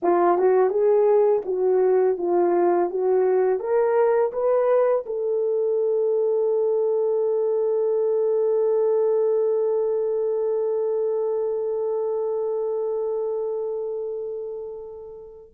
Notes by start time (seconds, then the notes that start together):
0.02 F4
0.37 F#4
0.69 G#4
1.45 F#4
2.17 F4
2.89 F#4
3.59 A#4
4.32 B4
5.05 A4